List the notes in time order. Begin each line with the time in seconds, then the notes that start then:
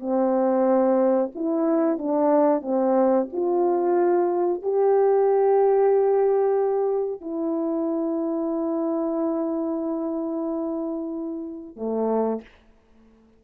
0.00 C4
1.35 E4
1.98 D4
2.62 C4
3.33 F4
4.62 G4
7.21 E4
11.76 A3